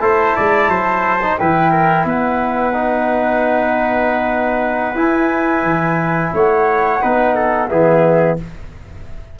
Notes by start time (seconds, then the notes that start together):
0.00 A3 E4 C5 A5
0.37 G#3 D5
0.68 F#3 C5
1.23 D#4
1.38 E3 E4 B4 G5
1.71 A#4
2.05 B3 B4 F#5
2.74 D#4
4.95 E4 G#5
5.63 E3
6.34 A3 C#5 F#5
7.01 B3 D#4 B4
7.36 A4
7.68 E3 B3 G#4 E5